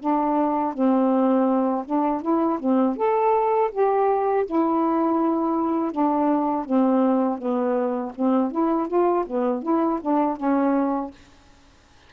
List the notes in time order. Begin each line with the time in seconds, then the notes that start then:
0.00 D4
0.74 C4
1.86 D4
2.22 E4
2.60 C4
2.97 A4
3.72 G4
4.46 E4
5.92 D4
6.66 C4
7.38 B3
8.15 C4
8.52 E4
8.88 F4
9.27 B3
9.63 E4
10.01 D4
10.37 C#4